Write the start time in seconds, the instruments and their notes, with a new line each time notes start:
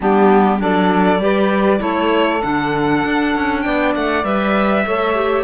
0.00 cello G3, clarinet B3, saxophone D4, violin G4
0.58 cello F#3, clarinet D4, saxophone A4, violin D5
1.19 cello G3, clarinet G4, saxophone B4
1.78 cello A3, clarinet E4, saxophone A4, violin C#5
2.42 cello D3, clarinet D4, violin F#5
3.05 cello D4
3.35 cello C#4
3.61 cello B3, saxophone D5, violin G5
3.95 cello A3, violin F#5
4.24 cello G3, clarinet B4, violin E5
4.84 cello A3, clarinet A4, saxophone C#5
5.14 clarinet G4